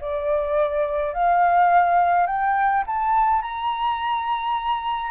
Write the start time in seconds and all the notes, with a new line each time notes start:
0.00 D5
1.13 F5
2.26 G5
2.86 A5
3.42 A#5